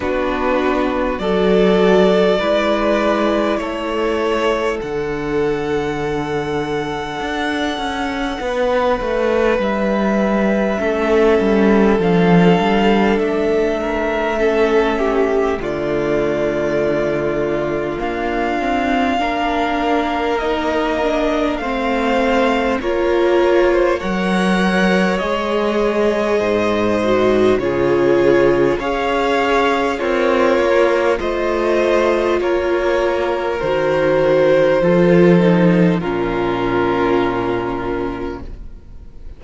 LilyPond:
<<
  \new Staff \with { instrumentName = "violin" } { \time 4/4 \tempo 4 = 50 b'4 d''2 cis''4 | fis''1 | e''2 f''4 e''4~ | e''4 d''2 f''4~ |
f''4 dis''4 f''4 cis''4 | fis''4 dis''2 cis''4 | f''4 cis''4 dis''4 cis''4 | c''2 ais'2 | }
  \new Staff \with { instrumentName = "violin" } { \time 4/4 fis'4 a'4 b'4 a'4~ | a'2. b'4~ | b'4 a'2~ a'8 ais'8 | a'8 g'8 f'2. |
ais'2 c''4 ais'8. c''16 | cis''2 c''4 gis'4 | cis''4 f'4 c''4 ais'4~ | ais'4 a'4 f'2 | }
  \new Staff \with { instrumentName = "viola" } { \time 4/4 d'4 fis'4 e'2 | d'1~ | d'4 cis'4 d'2 | cis'4 a2 ais8 c'8 |
d'4 dis'8 d'8 c'4 f'4 | ais'4 gis'4. fis'8 f'4 | gis'4 ais'4 f'2 | fis'4 f'8 dis'8 cis'2 | }
  \new Staff \with { instrumentName = "cello" } { \time 4/4 b4 fis4 gis4 a4 | d2 d'8 cis'8 b8 a8 | g4 a8 g8 f8 g8 a4~ | a4 d2 d'4 |
ais2 a4 ais4 | fis4 gis4 gis,4 cis4 | cis'4 c'8 ais8 a4 ais4 | dis4 f4 ais,2 | }
>>